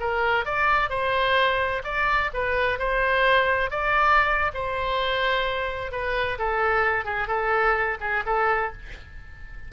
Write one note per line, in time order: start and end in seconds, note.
0.00 0.45 A#4
0.45 0.89 D5
0.89 1.82 C5
1.84 2.30 D5
2.33 2.79 B4
2.79 3.70 C5
3.70 4.52 D5
4.54 5.91 C5
5.91 6.38 B4
6.38 7.05 A4
7.05 7.28 G#4
7.28 7.97 A4
8.00 8.23 G#4
8.26 8.72 A4